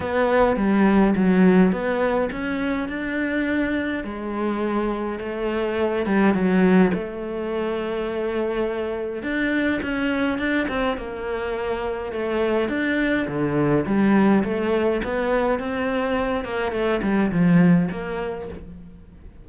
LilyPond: \new Staff \with { instrumentName = "cello" } { \time 4/4 \tempo 4 = 104 b4 g4 fis4 b4 | cis'4 d'2 gis4~ | gis4 a4. g8 fis4 | a1 |
d'4 cis'4 d'8 c'8 ais4~ | ais4 a4 d'4 d4 | g4 a4 b4 c'4~ | c'8 ais8 a8 g8 f4 ais4 | }